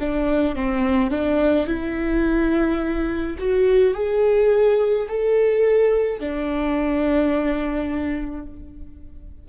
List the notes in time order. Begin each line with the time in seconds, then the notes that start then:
0.00 D4
0.56 C4
1.11 D4
1.67 E4
3.39 F#4
3.94 G#4
5.08 A4
6.20 D4